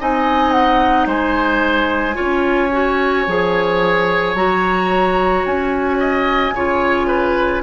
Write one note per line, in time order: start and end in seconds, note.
0.00 1.06 C4
0.00 2.15 D#4
0.00 1.07 D#5
0.00 0.52 G#5
0.52 1.07 F#5
1.06 2.15 G#3
1.06 2.15 C5
1.06 4.36 G#5
2.15 3.27 C#4
2.15 2.69 F4
2.15 5.97 C#5
2.72 3.27 F#4
3.27 4.35 F3
3.27 4.36 G#4
4.35 5.44 F#3
4.35 6.54 F#4
4.35 5.45 A#5
5.46 6.52 C#4
5.46 7.63 G#5
6.00 6.54 D#5
6.52 7.61 C#3
6.52 7.63 F4
6.52 7.07 C#5
7.07 7.62 B4